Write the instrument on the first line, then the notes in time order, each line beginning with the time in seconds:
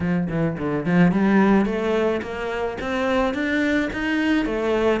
cello
0.00 F3
0.29 E3
0.57 D3
0.85 F3
1.11 G3
1.65 A3
2.22 A#3
2.81 C4
3.33 D4
3.93 D#4
4.45 A3